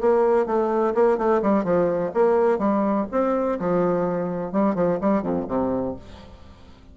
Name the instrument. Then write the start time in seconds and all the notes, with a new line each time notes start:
bassoon
0.00 A#3
0.46 A3
0.94 A#3
1.17 A3
1.42 G3
1.64 F3
2.13 A#3
2.58 G3
3.11 C4
3.59 F3
4.52 G3
4.75 F3
5.00 G3
5.22 F2
5.48 C3